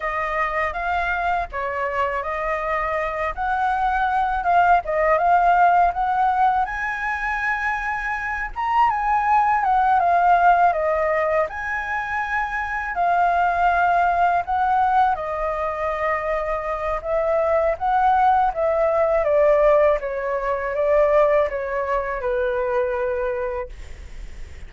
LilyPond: \new Staff \with { instrumentName = "flute" } { \time 4/4 \tempo 4 = 81 dis''4 f''4 cis''4 dis''4~ | dis''8 fis''4. f''8 dis''8 f''4 | fis''4 gis''2~ gis''8 ais''8 | gis''4 fis''8 f''4 dis''4 gis''8~ |
gis''4. f''2 fis''8~ | fis''8 dis''2~ dis''8 e''4 | fis''4 e''4 d''4 cis''4 | d''4 cis''4 b'2 | }